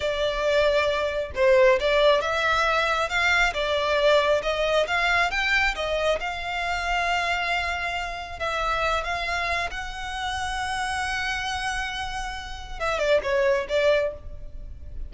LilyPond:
\new Staff \with { instrumentName = "violin" } { \time 4/4 \tempo 4 = 136 d''2. c''4 | d''4 e''2 f''4 | d''2 dis''4 f''4 | g''4 dis''4 f''2~ |
f''2. e''4~ | e''8 f''4. fis''2~ | fis''1~ | fis''4 e''8 d''8 cis''4 d''4 | }